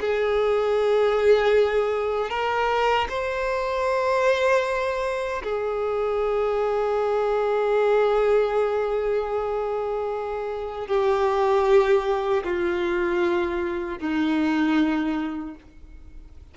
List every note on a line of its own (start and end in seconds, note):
0.00 2.30 G#4
2.30 3.07 A#4
3.09 5.42 C5
5.43 10.87 G#4
10.87 12.43 G4
12.44 13.99 F4
13.99 15.55 D#4